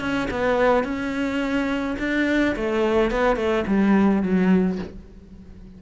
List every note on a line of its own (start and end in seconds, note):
0.00 0.28 C#4
0.31 0.84 B3
0.84 1.96 C#4
1.99 2.55 D4
2.55 3.11 A3
3.11 3.36 B3
3.36 3.64 A3
3.67 4.22 G3
4.22 4.78 F#3